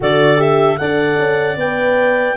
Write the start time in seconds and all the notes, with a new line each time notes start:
0.00 D3 F#4 A4 D5
0.37 G4 E5
0.77 D4 A4 D5 F#5
1.18 C#4
1.56 B3 B4 G5